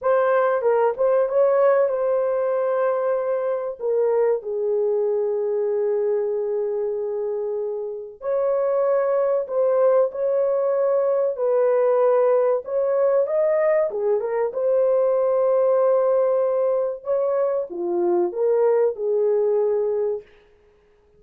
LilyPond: \new Staff \with { instrumentName = "horn" } { \time 4/4 \tempo 4 = 95 c''4 ais'8 c''8 cis''4 c''4~ | c''2 ais'4 gis'4~ | gis'1~ | gis'4 cis''2 c''4 |
cis''2 b'2 | cis''4 dis''4 gis'8 ais'8 c''4~ | c''2. cis''4 | f'4 ais'4 gis'2 | }